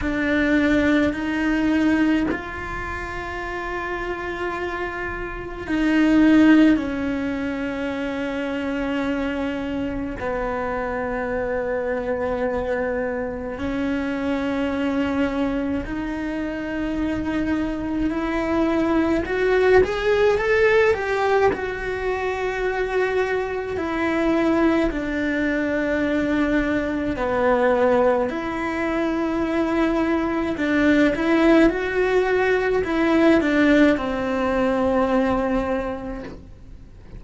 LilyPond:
\new Staff \with { instrumentName = "cello" } { \time 4/4 \tempo 4 = 53 d'4 dis'4 f'2~ | f'4 dis'4 cis'2~ | cis'4 b2. | cis'2 dis'2 |
e'4 fis'8 gis'8 a'8 g'8 fis'4~ | fis'4 e'4 d'2 | b4 e'2 d'8 e'8 | fis'4 e'8 d'8 c'2 | }